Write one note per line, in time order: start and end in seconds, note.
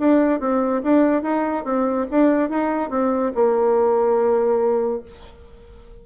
0.00 0.41 D4
0.41 0.83 C4
0.84 1.23 D4
1.23 1.65 D#4
1.65 2.07 C4
2.11 2.50 D4
2.50 2.91 D#4
2.91 3.33 C4
3.35 5.03 A#3